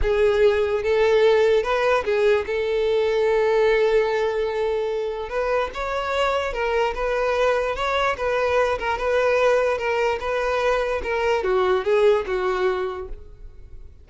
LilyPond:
\new Staff \with { instrumentName = "violin" } { \time 4/4 \tempo 4 = 147 gis'2 a'2 | b'4 gis'4 a'2~ | a'1~ | a'4 b'4 cis''2 |
ais'4 b'2 cis''4 | b'4. ais'8 b'2 | ais'4 b'2 ais'4 | fis'4 gis'4 fis'2 | }